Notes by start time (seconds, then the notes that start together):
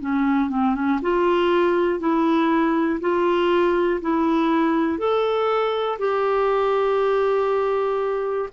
0.00 C#4
0.50 C4
0.75 C#4
1.01 F4
1.99 E4
3.00 F4
4.01 E4
4.98 A4
5.98 G4